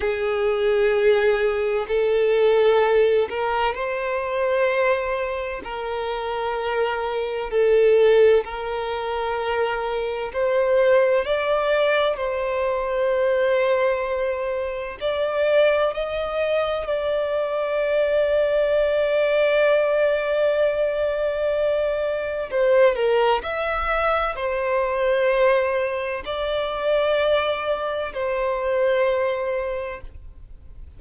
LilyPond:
\new Staff \with { instrumentName = "violin" } { \time 4/4 \tempo 4 = 64 gis'2 a'4. ais'8 | c''2 ais'2 | a'4 ais'2 c''4 | d''4 c''2. |
d''4 dis''4 d''2~ | d''1 | c''8 ais'8 e''4 c''2 | d''2 c''2 | }